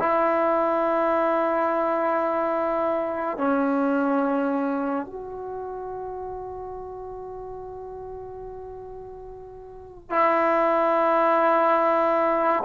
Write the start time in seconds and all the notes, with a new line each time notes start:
0.00 E4
3.38 C#4
5.07 F#4
10.10 E4